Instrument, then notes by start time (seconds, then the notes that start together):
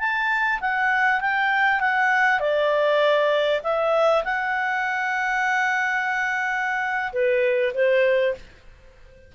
clarinet
0.00 A5
0.61 F#5
1.21 G5
1.81 F#5
2.40 D5
3.64 E5
4.25 F#5
7.13 B4
7.75 C5